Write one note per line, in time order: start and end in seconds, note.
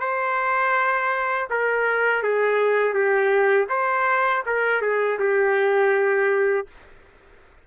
0.00 1.48 C5
1.50 2.23 A#4
2.23 2.94 G#4
2.94 3.68 G4
3.69 4.43 C5
4.46 4.81 A#4
4.81 5.19 G#4
5.19 6.67 G4